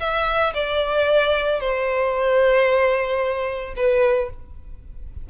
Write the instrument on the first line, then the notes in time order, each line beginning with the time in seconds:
violin
0.00 E5
0.54 D5
1.60 C5
3.76 B4